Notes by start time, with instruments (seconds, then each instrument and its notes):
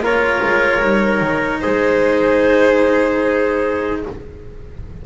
0.00 double bass A#3, cello F4, trumpet A#4, violin C#5
0.43 double bass G#3
0.82 double bass G3, cello D#4
1.21 double bass D#3
1.61 double bass G#3, trumpet G#4, violin C5